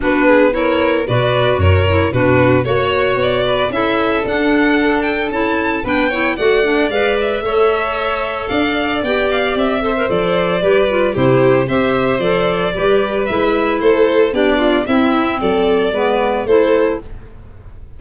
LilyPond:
<<
  \new Staff \with { instrumentName = "violin" } { \time 4/4 \tempo 4 = 113 b'4 cis''4 d''4 cis''4 | b'4 cis''4 d''4 e''4 | fis''4. g''8 a''4 g''4 | fis''4 f''8 e''2~ e''8 |
f''4 g''8 f''8 e''4 d''4~ | d''4 c''4 e''4 d''4~ | d''4 e''4 c''4 d''4 | e''4 d''2 c''4 | }
  \new Staff \with { instrumentName = "violin" } { \time 4/4 fis'8 gis'8 ais'4 b'4 ais'4 | fis'4 cis''4. b'8 a'4~ | a'2. b'8 cis''8 | d''2 cis''2 |
d''2~ d''8 c''4. | b'4 g'4 c''2 | b'2 a'4 g'8 f'8 | e'4 a'4 b'4 a'4 | }
  \new Staff \with { instrumentName = "clarinet" } { \time 4/4 d'4 e'4 fis'4. e'8 | d'4 fis'2 e'4 | d'2 e'4 d'8 e'8 | fis'8 d'8 b'4 a'2~ |
a'4 g'4. a'16 ais'16 a'4 | g'8 f'8 e'4 g'4 a'4 | g'4 e'2 d'4 | c'2 b4 e'4 | }
  \new Staff \with { instrumentName = "tuba" } { \time 4/4 b2 b,4 fis,4 | b,4 ais4 b4 cis'4 | d'2 cis'4 b4 | a4 gis4 a2 |
d'4 b4 c'4 f4 | g4 c4 c'4 f4 | g4 gis4 a4 b4 | c'4 fis4 gis4 a4 | }
>>